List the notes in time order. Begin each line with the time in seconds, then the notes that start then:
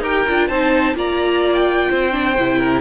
0.00 D#4 G4 A#4 G5
0.28 D4 F4
0.48 C4 D#4 C5 A5
0.95 A#3 F4 D5 A#5
1.54 G5
1.89 C4 C5
2.12 D4
2.38 C3 E4
2.59 A#4